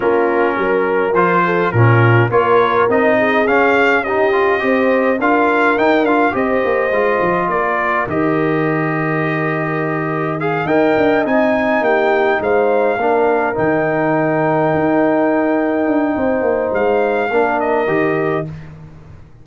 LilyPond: <<
  \new Staff \with { instrumentName = "trumpet" } { \time 4/4 \tempo 4 = 104 ais'2 c''4 ais'4 | cis''4 dis''4 f''4 dis''4~ | dis''4 f''4 g''8 f''8 dis''4~ | dis''4 d''4 dis''2~ |
dis''2 f''8 g''4 gis''8~ | gis''8 g''4 f''2 g''8~ | g''1~ | g''4 f''4. dis''4. | }
  \new Staff \with { instrumentName = "horn" } { \time 4/4 f'4 ais'4. a'8 f'4 | ais'4. gis'4. g'4 | c''4 ais'2 c''4~ | c''4 ais'2.~ |
ais'2~ ais'8 dis''4.~ | dis''8 g'4 c''4 ais'4.~ | ais'1 | c''2 ais'2 | }
  \new Staff \with { instrumentName = "trombone" } { \time 4/4 cis'2 f'4 cis'4 | f'4 dis'4 cis'4 dis'8 f'8 | g'4 f'4 dis'8 f'8 g'4 | f'2 g'2~ |
g'2 gis'8 ais'4 dis'8~ | dis'2~ dis'8 d'4 dis'8~ | dis'1~ | dis'2 d'4 g'4 | }
  \new Staff \with { instrumentName = "tuba" } { \time 4/4 ais4 fis4 f4 ais,4 | ais4 c'4 cis'2 | c'4 d'4 dis'8 d'8 c'8 ais8 | gis8 f8 ais4 dis2~ |
dis2~ dis8 dis'8 d'8 c'8~ | c'8 ais4 gis4 ais4 dis8~ | dis4. dis'2 d'8 | c'8 ais8 gis4 ais4 dis4 | }
>>